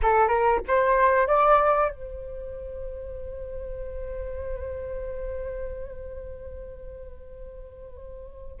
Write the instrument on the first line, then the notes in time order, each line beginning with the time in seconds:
flute
0.02 A4
0.28 A#4
0.67 C5
1.27 D5
1.91 C5